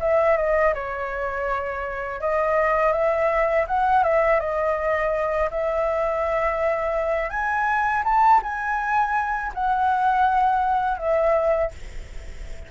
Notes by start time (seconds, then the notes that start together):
0.00 E5
0.37 D#5
0.74 C#5
2.20 D#5
2.93 E5
3.67 F#5
4.03 E5
4.40 D#5
5.51 E5
7.30 G#5
8.04 A5
8.42 G#5
9.54 F#5
10.98 E5